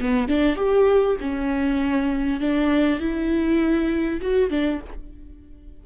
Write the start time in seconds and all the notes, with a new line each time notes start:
0.00 B3
0.28 D4
0.56 G4
1.20 C#4
2.40 D4
2.99 E4
4.21 F#4
4.50 D4